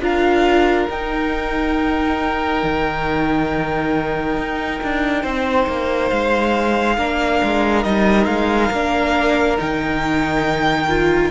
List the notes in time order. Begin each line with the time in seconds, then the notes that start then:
0.00 D4 F4 A#4 F5
0.89 D#4 G5
2.63 D#3
4.37 D#4
4.83 D4
5.22 C4 C5
5.67 A#3
6.09 G#3 F5
6.97 A#3 D4 A#4
7.43 G#3
7.83 G3 D#4 D#5
8.25 G#3 F5
8.71 A#3 D4
9.57 D#3 D#4 G5
10.88 F4